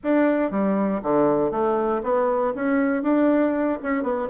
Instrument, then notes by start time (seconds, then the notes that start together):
bassoon
0.03 D4
0.50 G3
1.02 D3
1.51 A3
2.03 B3
2.55 C#4
3.03 D4
3.82 C#4
4.03 B3